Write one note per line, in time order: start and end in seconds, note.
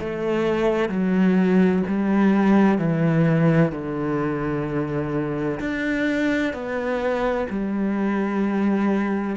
0.00 0.89 A3
0.89 1.83 F#3
1.87 2.78 G3
2.78 3.72 E3
3.72 5.59 D3
5.60 6.53 D4
6.53 7.47 B3
7.50 9.36 G3